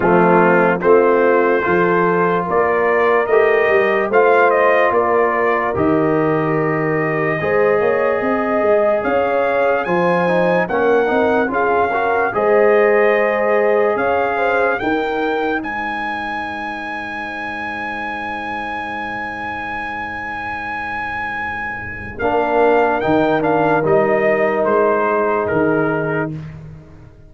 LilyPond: <<
  \new Staff \with { instrumentName = "trumpet" } { \time 4/4 \tempo 4 = 73 f'4 c''2 d''4 | dis''4 f''8 dis''8 d''4 dis''4~ | dis''2. f''4 | gis''4 fis''4 f''4 dis''4~ |
dis''4 f''4 g''4 gis''4~ | gis''1~ | gis''2. f''4 | g''8 f''8 dis''4 c''4 ais'4 | }
  \new Staff \with { instrumentName = "horn" } { \time 4/4 c'4 f'4 a'4 ais'4~ | ais'4 c''4 ais'2~ | ais'4 c''8 cis''8 dis''4 cis''4 | c''4 ais'4 gis'8 ais'8 c''4~ |
c''4 cis''8 c''8 ais'4 c''4~ | c''1~ | c''2. ais'4~ | ais'2~ ais'8 gis'4. | }
  \new Staff \with { instrumentName = "trombone" } { \time 4/4 a4 c'4 f'2 | g'4 f'2 g'4~ | g'4 gis'2. | f'8 dis'8 cis'8 dis'8 f'8 fis'8 gis'4~ |
gis'2 dis'2~ | dis'1~ | dis'2. d'4 | dis'8 d'8 dis'2. | }
  \new Staff \with { instrumentName = "tuba" } { \time 4/4 f4 a4 f4 ais4 | a8 g8 a4 ais4 dis4~ | dis4 gis8 ais8 c'8 gis8 cis'4 | f4 ais8 c'8 cis'4 gis4~ |
gis4 cis'4 dis'4 gis4~ | gis1~ | gis2. ais4 | dis4 g4 gis4 dis4 | }
>>